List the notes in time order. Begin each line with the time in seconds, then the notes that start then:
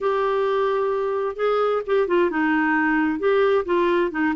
0.00 G4
1.36 G#4
1.86 G4
2.07 F4
2.30 D#4
3.19 G4
3.65 F4
4.11 D#4